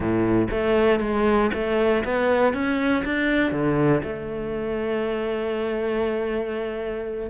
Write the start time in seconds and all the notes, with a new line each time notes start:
0.00 A2
0.50 A3
1.00 G#3
1.53 A3
2.04 B3
2.53 C#4
3.04 D4
3.51 D3
4.03 A3